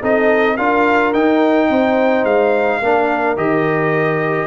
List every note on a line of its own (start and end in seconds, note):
0.00 0.58 C4
0.00 0.57 D#4
0.00 0.55 A4
0.00 0.57 D#5
0.55 1.14 D4
0.55 1.14 F4
0.55 1.68 A#4
0.55 1.13 F5
1.13 1.69 D#4
1.13 2.82 D#4
1.13 2.24 G5
1.68 2.24 C4
1.68 2.80 C5
2.24 2.80 G#3
2.24 3.36 F5
2.81 3.36 A#3
2.81 3.36 D4
2.81 4.46 A#4
3.36 4.46 D#3
3.36 4.46 G4
3.36 4.46 D#5